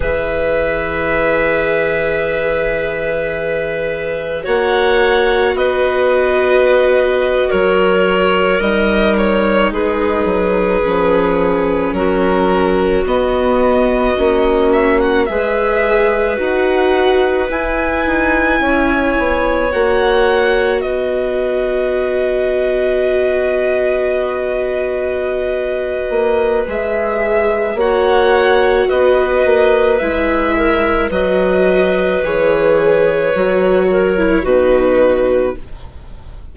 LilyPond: <<
  \new Staff \with { instrumentName = "violin" } { \time 4/4 \tempo 4 = 54 e''1 | fis''4 dis''4.~ dis''16 cis''4 dis''16~ | dis''16 cis''8 b'2 ais'4 dis''16~ | dis''4~ dis''16 e''16 fis''16 e''4 fis''4 gis''16~ |
gis''4.~ gis''16 fis''4 dis''4~ dis''16~ | dis''1 | e''4 fis''4 dis''4 e''4 | dis''4 cis''2 b'4 | }
  \new Staff \with { instrumentName = "clarinet" } { \time 4/4 b'1 | cis''4 b'4.~ b'16 ais'4~ ais'16~ | ais'8. gis'2 fis'4~ fis'16~ | fis'4.~ fis'16 b'2~ b'16~ |
b'8. cis''2 b'4~ b'16~ | b'1~ | b'4 cis''4 b'4. ais'8 | b'2~ b'8 ais'8 fis'4 | }
  \new Staff \with { instrumentName = "viola" } { \time 4/4 gis'1 | fis'2.~ fis'8. dis'16~ | dis'4.~ dis'16 cis'2 b16~ | b8. cis'4 gis'4 fis'4 e'16~ |
e'4.~ e'16 fis'2~ fis'16~ | fis'1 | gis'4 fis'2 e'4 | fis'4 gis'4 fis'8. e'16 dis'4 | }
  \new Staff \with { instrumentName = "bassoon" } { \time 4/4 e1 | ais4 b4.~ b16 fis4 g16~ | g8. gis8 fis8 f4 fis4 b16~ | b8. ais4 gis4 dis'4 e'16~ |
e'16 dis'8 cis'8 b8 ais4 b4~ b16~ | b2.~ b8 ais8 | gis4 ais4 b8 ais8 gis4 | fis4 e4 fis4 b,4 | }
>>